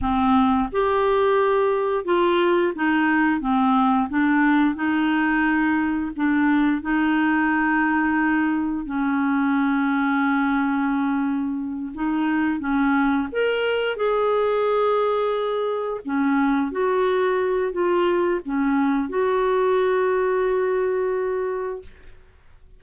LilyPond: \new Staff \with { instrumentName = "clarinet" } { \time 4/4 \tempo 4 = 88 c'4 g'2 f'4 | dis'4 c'4 d'4 dis'4~ | dis'4 d'4 dis'2~ | dis'4 cis'2.~ |
cis'4. dis'4 cis'4 ais'8~ | ais'8 gis'2. cis'8~ | cis'8 fis'4. f'4 cis'4 | fis'1 | }